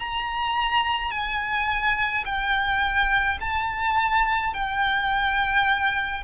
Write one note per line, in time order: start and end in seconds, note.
0.00 1.11 A#5
1.11 2.24 G#5
2.26 3.39 G5
3.41 4.54 A5
4.54 6.24 G5